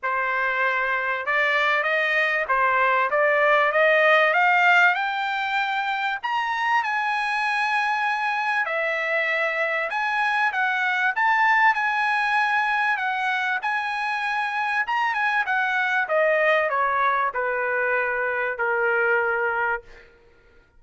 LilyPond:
\new Staff \with { instrumentName = "trumpet" } { \time 4/4 \tempo 4 = 97 c''2 d''4 dis''4 | c''4 d''4 dis''4 f''4 | g''2 ais''4 gis''4~ | gis''2 e''2 |
gis''4 fis''4 a''4 gis''4~ | gis''4 fis''4 gis''2 | ais''8 gis''8 fis''4 dis''4 cis''4 | b'2 ais'2 | }